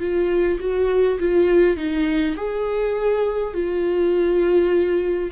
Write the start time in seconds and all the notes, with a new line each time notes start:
0.00 F4
0.60 F#4
1.20 F4
1.77 D#4
2.36 G#4
3.54 F4